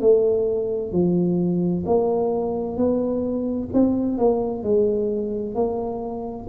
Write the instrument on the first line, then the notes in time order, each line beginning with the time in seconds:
tuba
0.00 A3
0.91 F3
1.85 A#3
2.76 B3
3.73 C4
4.17 A#3
4.63 G#3
5.54 A#3